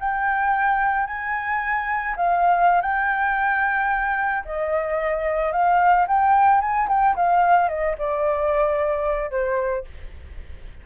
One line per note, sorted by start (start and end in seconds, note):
0.00 1.07 G5
1.07 2.15 G#5
2.16 2.82 F5
2.82 4.44 G5
4.45 5.52 D#5
5.52 6.06 F5
6.07 6.61 G5
6.61 6.88 G#5
6.88 7.15 G5
7.16 7.69 F5
7.69 7.96 D#5
7.98 9.31 D5
9.31 9.85 C5